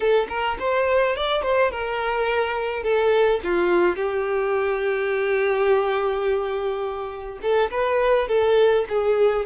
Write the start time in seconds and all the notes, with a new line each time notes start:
0.00 A4
0.29 A#4
0.59 C5
1.16 D5
1.42 C5
1.71 A#4
2.83 A4
3.43 F4
3.96 G4
7.42 A4
7.71 B4
8.28 A4
8.89 G#4